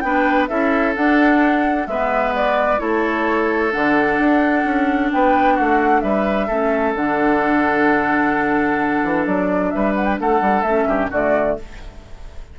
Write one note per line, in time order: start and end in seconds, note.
0.00 0.49 B3
0.00 0.49 D4
0.00 0.49 B4
0.00 0.46 G5
0.48 0.96 C#4
0.48 0.95 E4
0.48 1.88 A4
0.48 0.94 E5
0.95 1.88 D4
0.95 1.87 D4
0.95 1.87 F#5
1.87 2.80 G#3
1.87 2.78 B3
1.87 2.81 B4
1.87 2.34 E5
2.36 2.80 D5
2.78 3.74 A3
2.78 3.71 E4
2.78 5.12 A4
2.78 3.72 C#5
3.72 4.19 D3
3.72 6.49 D4
3.72 5.11 F#5
4.19 4.65 D4
4.65 5.11 C#4
5.12 5.59 B3
5.12 5.55 B4
5.12 5.56 G5
5.55 6.03 A3
5.55 6.01 F#4
5.55 6.01 F#5
6.01 6.49 G3
6.01 6.47 B4
6.01 6.93 E5
6.47 6.95 A3
6.47 6.96 C#4
6.47 9.70 A4
6.95 9.03 D3
6.95 10.65 D4
6.95 9.27 F#5
9.04 9.26 E3
9.26 9.73 F#3
9.26 9.70 D5
9.70 10.20 G3
9.70 10.20 B4
9.70 9.94 E5
9.95 10.05 F#5
10.05 10.16 G5
10.20 10.41 A3
10.20 10.89 A4
10.20 10.62 F#5
10.41 10.63 G3
10.62 10.86 A3
10.62 11.13 C#4
10.62 11.08 E5
10.87 11.10 G2
10.87 11.11 G4
11.11 11.58 D3
11.11 11.59 A3
11.11 11.57 F#4
11.11 11.59 D5